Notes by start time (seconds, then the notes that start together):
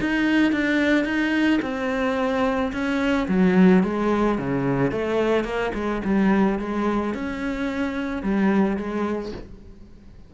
0.00 D#4
0.52 D4
1.04 D#4
1.62 C4
2.72 C#4
3.28 F#3
3.83 G#3
4.38 C#3
4.91 A3
5.44 A#3
5.74 G#3
6.04 G3
6.59 G#3
7.14 C#4
8.22 G3
8.76 G#3